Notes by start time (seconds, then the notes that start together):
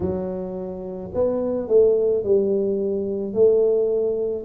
0.00 F#3
1.14 B3
1.68 A3
2.23 G3
3.33 A3